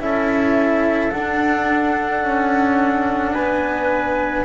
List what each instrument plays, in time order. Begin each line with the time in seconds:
0.00 double bass C#4, cello E4, trumpet A4, flute E5
1.11 cello D4, double bass D4, flute F#5
2.24 double bass C#4
3.34 double bass B3, trumpet B4, flute G#5